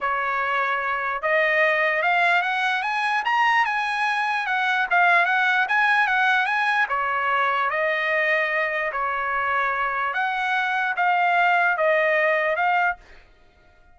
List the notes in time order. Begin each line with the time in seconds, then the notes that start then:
0.01 C#5
1.22 D#5
2.02 F5
2.41 F#5
2.82 G#5
3.24 A#5
3.65 G#5
4.46 F#5
4.90 F5
5.25 F#5
5.68 G#5
6.07 F#5
6.46 G#5
6.88 C#5
7.70 D#5
8.92 C#5
10.13 F#5
10.96 F5
11.77 D#5
12.55 F5